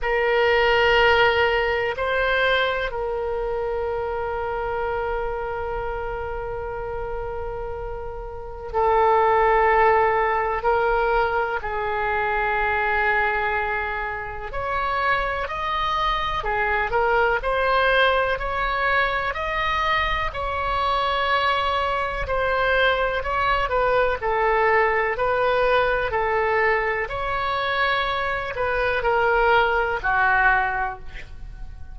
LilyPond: \new Staff \with { instrumentName = "oboe" } { \time 4/4 \tempo 4 = 62 ais'2 c''4 ais'4~ | ais'1~ | ais'4 a'2 ais'4 | gis'2. cis''4 |
dis''4 gis'8 ais'8 c''4 cis''4 | dis''4 cis''2 c''4 | cis''8 b'8 a'4 b'4 a'4 | cis''4. b'8 ais'4 fis'4 | }